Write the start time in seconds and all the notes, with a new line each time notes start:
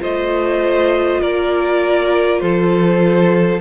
0.00 A3 F4 C5 D#5
1.21 A#3 A#4 D5
2.40 F3 A4 C5